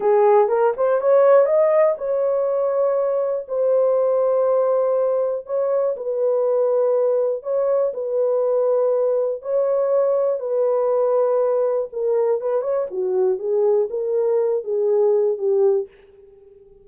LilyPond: \new Staff \with { instrumentName = "horn" } { \time 4/4 \tempo 4 = 121 gis'4 ais'8 c''8 cis''4 dis''4 | cis''2. c''4~ | c''2. cis''4 | b'2. cis''4 |
b'2. cis''4~ | cis''4 b'2. | ais'4 b'8 cis''8 fis'4 gis'4 | ais'4. gis'4. g'4 | }